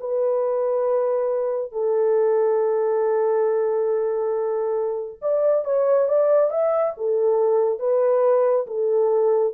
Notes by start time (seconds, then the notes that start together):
0.00 B4
1.72 A4
5.22 D5
5.65 C#5
6.09 D5
6.51 E5
6.97 A4
7.79 B4
8.67 A4